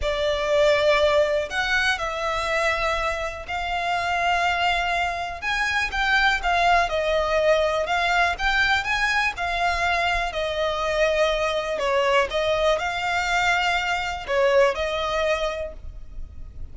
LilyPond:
\new Staff \with { instrumentName = "violin" } { \time 4/4 \tempo 4 = 122 d''2. fis''4 | e''2. f''4~ | f''2. gis''4 | g''4 f''4 dis''2 |
f''4 g''4 gis''4 f''4~ | f''4 dis''2. | cis''4 dis''4 f''2~ | f''4 cis''4 dis''2 | }